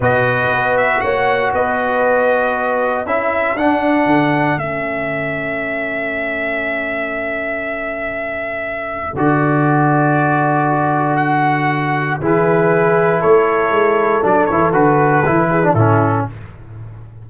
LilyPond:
<<
  \new Staff \with { instrumentName = "trumpet" } { \time 4/4 \tempo 4 = 118 dis''4. e''8 fis''4 dis''4~ | dis''2 e''4 fis''4~ | fis''4 e''2.~ | e''1~ |
e''2 d''2~ | d''2 fis''2 | b'2 cis''2 | d''8 cis''8 b'2 a'4 | }
  \new Staff \with { instrumentName = "horn" } { \time 4/4 b'2 cis''4 b'4~ | b'2 a'2~ | a'1~ | a'1~ |
a'1~ | a'1 | gis'2 a'2~ | a'2~ a'8 gis'8 e'4 | }
  \new Staff \with { instrumentName = "trombone" } { \time 4/4 fis'1~ | fis'2 e'4 d'4~ | d'4 cis'2.~ | cis'1~ |
cis'2 fis'2~ | fis'1 | e'1 | d'8 e'8 fis'4 e'8. d'16 cis'4 | }
  \new Staff \with { instrumentName = "tuba" } { \time 4/4 b,4 b4 ais4 b4~ | b2 cis'4 d'4 | d4 a2.~ | a1~ |
a2 d2~ | d1 | e2 a4 gis4 | fis8 e8 d4 e4 a,4 | }
>>